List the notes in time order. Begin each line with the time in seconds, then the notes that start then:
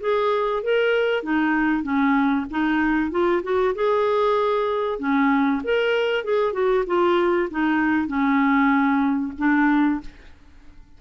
0.00 G#4
0.63 A#4
1.23 D#4
1.83 C#4
2.50 D#4
3.11 F4
3.43 F#4
3.75 G#4
4.99 C#4
5.63 A#4
6.24 G#4
6.53 F#4
6.86 F4
7.50 D#4
8.07 C#4
9.38 D4